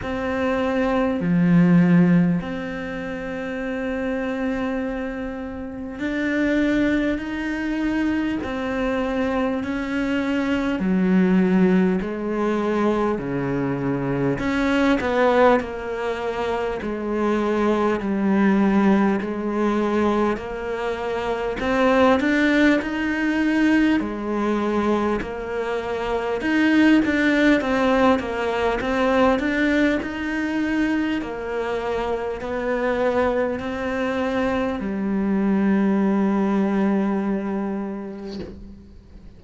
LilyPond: \new Staff \with { instrumentName = "cello" } { \time 4/4 \tempo 4 = 50 c'4 f4 c'2~ | c'4 d'4 dis'4 c'4 | cis'4 fis4 gis4 cis4 | cis'8 b8 ais4 gis4 g4 |
gis4 ais4 c'8 d'8 dis'4 | gis4 ais4 dis'8 d'8 c'8 ais8 | c'8 d'8 dis'4 ais4 b4 | c'4 g2. | }